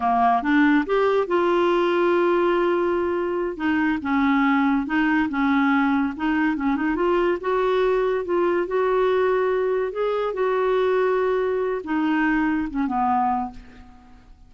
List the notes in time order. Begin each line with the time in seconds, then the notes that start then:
0.00 A#3
0.42 D4
0.86 G4
1.27 F4
3.56 D#4
4.02 C#4
4.86 D#4
5.29 C#4
6.16 D#4
6.56 C#4
6.76 D#4
6.95 F4
7.40 F#4
8.24 F4
8.67 F#4
9.92 G#4
10.33 F#4
11.84 D#4
12.70 C#4
12.87 B3